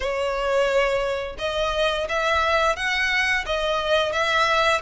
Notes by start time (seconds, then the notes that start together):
0.00 C#5
1.38 D#5
2.08 E5
2.76 F#5
3.45 D#5
4.12 E5